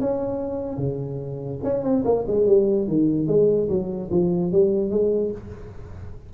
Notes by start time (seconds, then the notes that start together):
0.00 C#4
0.77 C#3
1.63 C#4
1.83 C4
2.04 A#3
2.27 G#3
2.46 G3
2.87 D#3
3.27 G#3
3.69 F#3
4.11 F3
4.52 G3
4.90 G#3